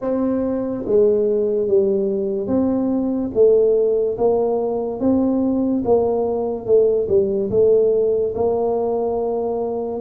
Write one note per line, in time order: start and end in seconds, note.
0.01 0.84 C4
0.86 1.67 G#3
1.67 2.47 G3
2.47 3.30 C4
3.33 4.17 A3
4.17 5.00 A#3
5.00 5.83 C4
5.84 6.66 A#3
6.66 7.07 A3
7.08 7.50 G3
7.50 8.33 A3
8.34 10.00 A#3